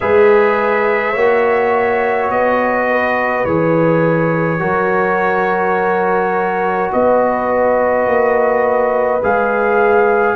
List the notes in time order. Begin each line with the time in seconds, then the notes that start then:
0.00 G#3 G#4 B4 E5
1.11 A#3 F#4 C#5
2.29 B3 D#5
2.89 B4
3.44 E3 G#4 C#5
4.59 F#3 F#4 A#4
6.92 B3 B4 D#5
8.06 A#3
9.23 G#3 G#4 F5